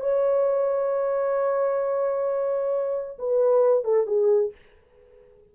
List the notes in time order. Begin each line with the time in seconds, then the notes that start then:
0.00 C#5
3.18 B4
3.84 A4
4.06 G#4